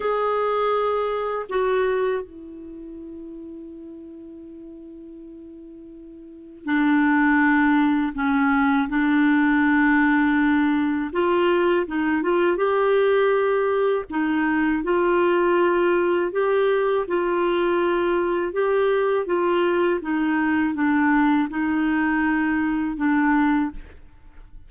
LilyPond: \new Staff \with { instrumentName = "clarinet" } { \time 4/4 \tempo 4 = 81 gis'2 fis'4 e'4~ | e'1~ | e'4 d'2 cis'4 | d'2. f'4 |
dis'8 f'8 g'2 dis'4 | f'2 g'4 f'4~ | f'4 g'4 f'4 dis'4 | d'4 dis'2 d'4 | }